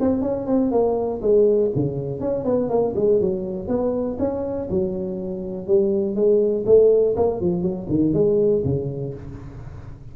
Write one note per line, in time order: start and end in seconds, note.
0.00 0.21 C4
0.21 0.46 C#4
0.46 0.71 C4
0.71 1.21 A#3
1.21 1.71 G#3
1.75 2.20 C#3
2.20 2.44 C#4
2.44 2.69 B3
2.69 2.94 A#3
2.95 3.20 G#3
3.20 3.67 F#3
3.67 4.17 B3
4.19 4.68 C#4
4.70 5.67 F#3
5.67 6.15 G3
6.15 6.64 G#3
6.66 7.15 A3
7.16 7.40 A#3
7.40 7.62 F3
7.62 7.86 F#3
7.88 8.13 D#3
8.13 8.62 G#3
8.64 9.14 C#3